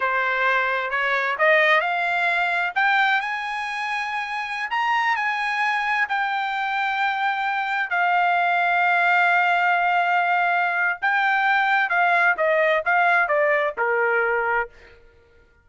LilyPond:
\new Staff \with { instrumentName = "trumpet" } { \time 4/4 \tempo 4 = 131 c''2 cis''4 dis''4 | f''2 g''4 gis''4~ | gis''2~ gis''16 ais''4 gis''8.~ | gis''4~ gis''16 g''2~ g''8.~ |
g''4~ g''16 f''2~ f''8.~ | f''1 | g''2 f''4 dis''4 | f''4 d''4 ais'2 | }